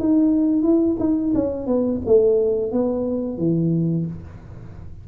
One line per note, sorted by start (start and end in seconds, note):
0.00 0.63 D#4
0.63 0.97 E4
0.99 1.34 D#4
1.35 1.67 C#4
1.67 2.01 B3
2.06 2.72 A3
2.72 3.38 B3
3.38 4.06 E3